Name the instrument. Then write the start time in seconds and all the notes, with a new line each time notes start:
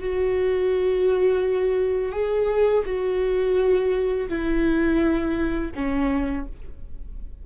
viola
0.00 F#4
2.12 G#4
2.86 F#4
4.29 E4
5.75 C#4